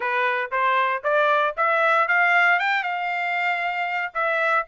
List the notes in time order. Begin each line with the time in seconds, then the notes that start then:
0.00 B4
0.51 C5
1.03 D5
1.56 E5
2.08 F5
2.59 G5
2.83 F5
4.14 E5